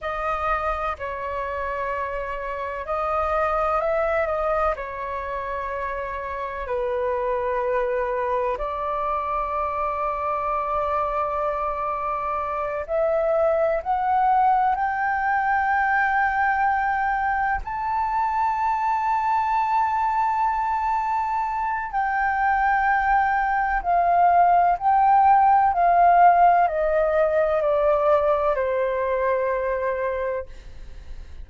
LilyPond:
\new Staff \with { instrumentName = "flute" } { \time 4/4 \tempo 4 = 63 dis''4 cis''2 dis''4 | e''8 dis''8 cis''2 b'4~ | b'4 d''2.~ | d''4. e''4 fis''4 g''8~ |
g''2~ g''8 a''4.~ | a''2. g''4~ | g''4 f''4 g''4 f''4 | dis''4 d''4 c''2 | }